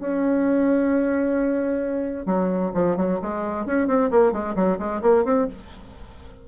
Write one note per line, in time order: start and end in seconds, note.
0.00 2.26 C#4
2.26 2.71 F#3
2.74 2.96 F3
2.97 3.19 F#3
3.22 3.66 G#3
3.66 3.88 C#4
3.88 4.10 C4
4.11 4.32 A#3
4.32 4.55 G#3
4.56 4.78 F#3
4.79 5.01 G#3
5.02 5.25 A#3
5.25 5.48 C4